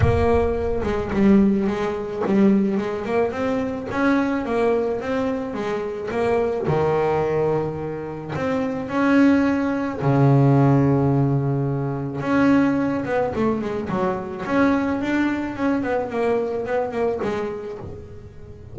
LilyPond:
\new Staff \with { instrumentName = "double bass" } { \time 4/4 \tempo 4 = 108 ais4. gis8 g4 gis4 | g4 gis8 ais8 c'4 cis'4 | ais4 c'4 gis4 ais4 | dis2. c'4 |
cis'2 cis2~ | cis2 cis'4. b8 | a8 gis8 fis4 cis'4 d'4 | cis'8 b8 ais4 b8 ais8 gis4 | }